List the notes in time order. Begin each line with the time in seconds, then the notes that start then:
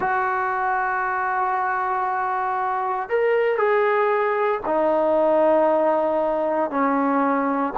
0.00 F#4
3.09 A#4
3.57 G#4
4.66 D#4
6.70 C#4